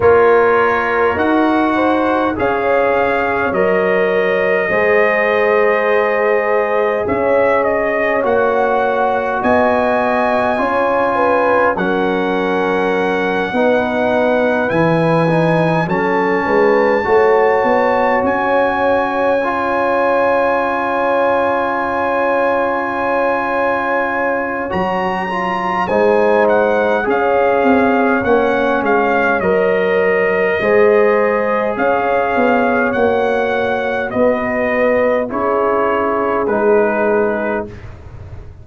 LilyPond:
<<
  \new Staff \with { instrumentName = "trumpet" } { \time 4/4 \tempo 4 = 51 cis''4 fis''4 f''4 dis''4~ | dis''2 e''8 dis''8 fis''4 | gis''2 fis''2~ | fis''8 gis''4 a''2 gis''8~ |
gis''1~ | gis''4 ais''4 gis''8 fis''8 f''4 | fis''8 f''8 dis''2 f''4 | fis''4 dis''4 cis''4 b'4 | }
  \new Staff \with { instrumentName = "horn" } { \time 4/4 ais'4. c''8 cis''2 | c''2 cis''2 | dis''4 cis''8 b'8 ais'4. b'8~ | b'4. a'8 b'8 cis''4.~ |
cis''1~ | cis''2 c''4 cis''4~ | cis''2 c''4 cis''4~ | cis''4 b'4 gis'2 | }
  \new Staff \with { instrumentName = "trombone" } { \time 4/4 f'4 fis'4 gis'4 ais'4 | gis'2. fis'4~ | fis'4 f'4 cis'4. dis'8~ | dis'8 e'8 dis'8 cis'4 fis'4.~ |
fis'8 f'2.~ f'8~ | f'4 fis'8 f'8 dis'4 gis'4 | cis'4 ais'4 gis'2 | fis'2 e'4 dis'4 | }
  \new Staff \with { instrumentName = "tuba" } { \time 4/4 ais4 dis'4 cis'4 fis4 | gis2 cis'4 ais4 | b4 cis'4 fis4. b8~ | b8 e4 fis8 gis8 a8 b8 cis'8~ |
cis'1~ | cis'4 fis4 gis4 cis'8 c'8 | ais8 gis8 fis4 gis4 cis'8 b8 | ais4 b4 cis'4 gis4 | }
>>